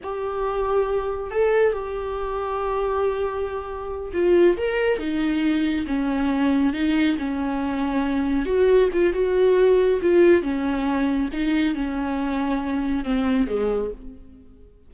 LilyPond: \new Staff \with { instrumentName = "viola" } { \time 4/4 \tempo 4 = 138 g'2. a'4 | g'1~ | g'4. f'4 ais'4 dis'8~ | dis'4. cis'2 dis'8~ |
dis'8 cis'2. fis'8~ | fis'8 f'8 fis'2 f'4 | cis'2 dis'4 cis'4~ | cis'2 c'4 gis4 | }